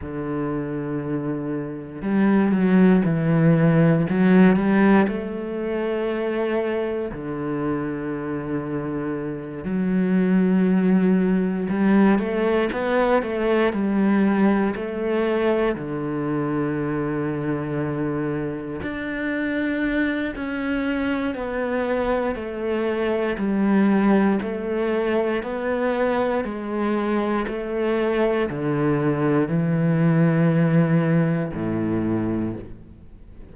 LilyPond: \new Staff \with { instrumentName = "cello" } { \time 4/4 \tempo 4 = 59 d2 g8 fis8 e4 | fis8 g8 a2 d4~ | d4. fis2 g8 | a8 b8 a8 g4 a4 d8~ |
d2~ d8 d'4. | cis'4 b4 a4 g4 | a4 b4 gis4 a4 | d4 e2 a,4 | }